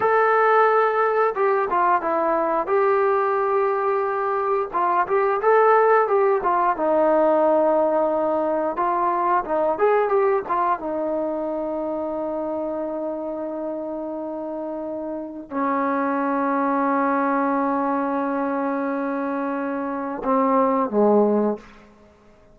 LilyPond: \new Staff \with { instrumentName = "trombone" } { \time 4/4 \tempo 4 = 89 a'2 g'8 f'8 e'4 | g'2. f'8 g'8 | a'4 g'8 f'8 dis'2~ | dis'4 f'4 dis'8 gis'8 g'8 f'8 |
dis'1~ | dis'2. cis'4~ | cis'1~ | cis'2 c'4 gis4 | }